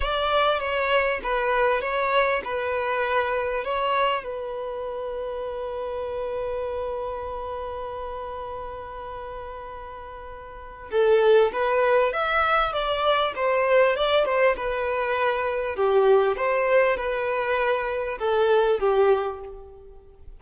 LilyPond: \new Staff \with { instrumentName = "violin" } { \time 4/4 \tempo 4 = 99 d''4 cis''4 b'4 cis''4 | b'2 cis''4 b'4~ | b'1~ | b'1~ |
b'2 a'4 b'4 | e''4 d''4 c''4 d''8 c''8 | b'2 g'4 c''4 | b'2 a'4 g'4 | }